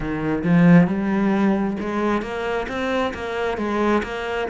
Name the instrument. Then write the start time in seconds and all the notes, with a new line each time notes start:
cello
0.00 D#3
0.43 F3
0.87 G3
1.80 G#3
2.21 A#3
2.68 C4
3.13 A#3
3.57 G#3
4.03 A#3